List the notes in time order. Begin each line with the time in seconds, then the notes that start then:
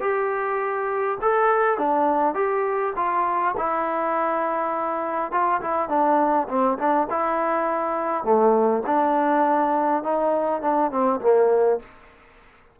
0.00 G4
1.21 A4
1.78 D4
2.34 G4
2.96 F4
3.57 E4
5.31 F4
5.61 E4
5.89 D4
6.48 C4
6.78 D4
7.10 E4
8.24 A3
8.86 D4
10.03 D#4
10.61 D4
10.91 C4
11.20 A#3